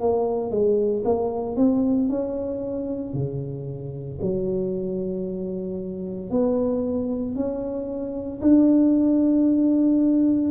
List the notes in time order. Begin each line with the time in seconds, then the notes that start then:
0.00 A#3
0.50 G#3
1.04 A#3
1.56 C4
2.09 C#4
3.13 C#3
4.21 F#3
6.30 B3
7.35 C#4
8.41 D4